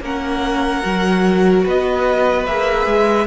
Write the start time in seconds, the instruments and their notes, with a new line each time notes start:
0.00 cello A#3, viola C#4, violin A#4 F#5
0.82 cello F#3, viola F#4
1.64 cello B3, violin B4 D#5
2.46 cello A#3, viola G#4, violin E5
2.85 cello G#3